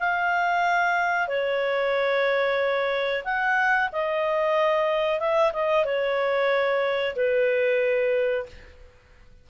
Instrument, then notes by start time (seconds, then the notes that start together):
clarinet
0.00 F5
1.28 C#5
3.25 F#5
3.92 D#5
5.20 E5
5.53 D#5
5.85 C#5
7.16 B4